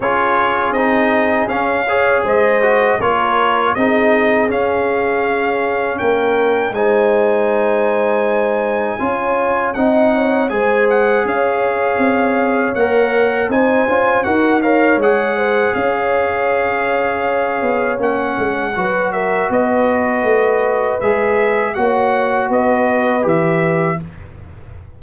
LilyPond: <<
  \new Staff \with { instrumentName = "trumpet" } { \time 4/4 \tempo 4 = 80 cis''4 dis''4 f''4 dis''4 | cis''4 dis''4 f''2 | g''4 gis''2.~ | gis''4 fis''4 gis''8 fis''8 f''4~ |
f''4 fis''4 gis''4 fis''8 f''8 | fis''4 f''2. | fis''4. e''8 dis''2 | e''4 fis''4 dis''4 e''4 | }
  \new Staff \with { instrumentName = "horn" } { \time 4/4 gis'2~ gis'8 cis''8 c''4 | ais'4 gis'2. | ais'4 c''2. | cis''4 dis''8 cis''8 c''4 cis''4~ |
cis''2 c''4 ais'8 cis''8~ | cis''8 c''8 cis''2.~ | cis''4 b'8 ais'8 b'2~ | b'4 cis''4 b'2 | }
  \new Staff \with { instrumentName = "trombone" } { \time 4/4 f'4 dis'4 cis'8 gis'4 fis'8 | f'4 dis'4 cis'2~ | cis'4 dis'2. | f'4 dis'4 gis'2~ |
gis'4 ais'4 dis'8 f'8 fis'8 ais'8 | gis'1 | cis'4 fis'2. | gis'4 fis'2 g'4 | }
  \new Staff \with { instrumentName = "tuba" } { \time 4/4 cis'4 c'4 cis'4 gis4 | ais4 c'4 cis'2 | ais4 gis2. | cis'4 c'4 gis4 cis'4 |
c'4 ais4 c'8 cis'8 dis'4 | gis4 cis'2~ cis'8 b8 | ais8 gis8 fis4 b4 a4 | gis4 ais4 b4 e4 | }
>>